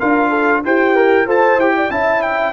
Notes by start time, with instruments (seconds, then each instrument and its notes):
0.00 tuba D4, trombone F4, horn A#4, trumpet F5
0.30 horn A4
0.65 tuba E4, horn G4, trombone C5, trumpet G5
0.96 trombone A#4
1.26 tuba F4, trombone A4, horn C5, trumpet A5
1.57 tuba E4, trombone G4, trumpet G5
1.77 horn D5
1.91 tuba C#4, trombone E4, horn E5, trumpet A5
2.22 trumpet G5